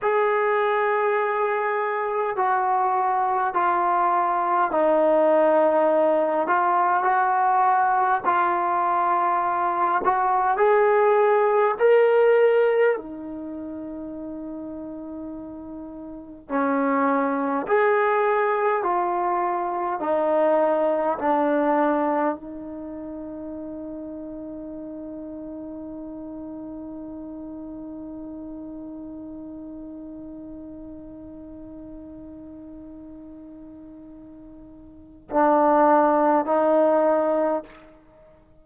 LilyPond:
\new Staff \with { instrumentName = "trombone" } { \time 4/4 \tempo 4 = 51 gis'2 fis'4 f'4 | dis'4. f'8 fis'4 f'4~ | f'8 fis'8 gis'4 ais'4 dis'4~ | dis'2 cis'4 gis'4 |
f'4 dis'4 d'4 dis'4~ | dis'1~ | dis'1~ | dis'2 d'4 dis'4 | }